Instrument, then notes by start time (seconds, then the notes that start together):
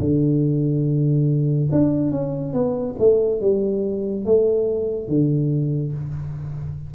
tuba
0.00 D3
1.71 D4
2.11 C#4
2.53 B3
2.98 A3
3.40 G3
4.25 A3
5.08 D3